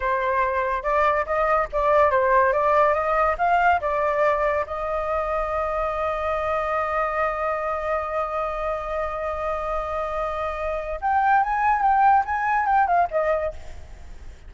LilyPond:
\new Staff \with { instrumentName = "flute" } { \time 4/4 \tempo 4 = 142 c''2 d''4 dis''4 | d''4 c''4 d''4 dis''4 | f''4 d''2 dis''4~ | dis''1~ |
dis''1~ | dis''1~ | dis''2 g''4 gis''4 | g''4 gis''4 g''8 f''8 dis''4 | }